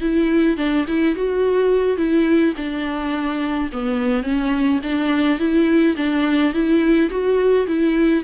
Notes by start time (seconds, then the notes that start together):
0.00 E4
0.57 D4
0.87 E4
1.15 F#4
1.97 E4
2.56 D4
3.72 B3
4.23 C#4
4.83 D4
5.39 E4
5.96 D4
6.53 E4
7.10 F#4
7.66 E4